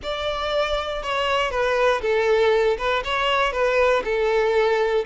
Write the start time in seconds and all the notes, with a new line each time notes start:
0.02 D5
1.02 C#5
1.50 B4
2.01 A4
2.78 B4
3.04 C#5
3.52 B4
4.04 A4